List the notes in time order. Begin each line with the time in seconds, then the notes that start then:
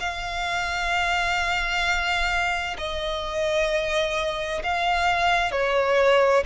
0.00 F5
2.78 D#5
4.64 F5
5.52 C#5